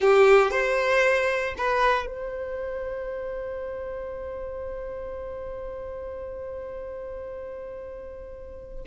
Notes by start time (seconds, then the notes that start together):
0.00 G4
0.50 C5
1.57 B4
2.06 C5